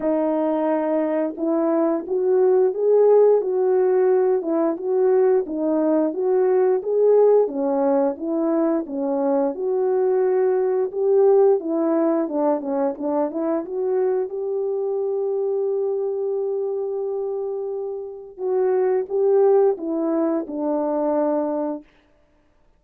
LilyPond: \new Staff \with { instrumentName = "horn" } { \time 4/4 \tempo 4 = 88 dis'2 e'4 fis'4 | gis'4 fis'4. e'8 fis'4 | dis'4 fis'4 gis'4 cis'4 | e'4 cis'4 fis'2 |
g'4 e'4 d'8 cis'8 d'8 e'8 | fis'4 g'2.~ | g'2. fis'4 | g'4 e'4 d'2 | }